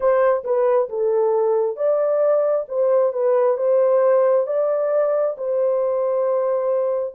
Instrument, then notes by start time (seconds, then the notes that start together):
horn
0.00 C5
0.44 B4
0.89 A4
1.76 D5
2.68 C5
3.13 B4
3.57 C5
4.47 D5
5.37 C5